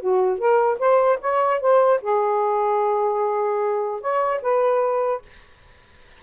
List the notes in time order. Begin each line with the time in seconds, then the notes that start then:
0.00 F#4
0.38 A#4
0.79 C5
1.21 C#5
1.60 C5
2.01 G#4
4.01 C#5
4.42 B4